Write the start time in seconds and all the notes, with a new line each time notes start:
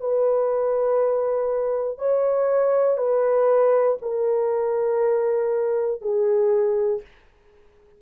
0.00 B4
1.98 C#5
2.98 B4
4.02 A#4
6.02 G#4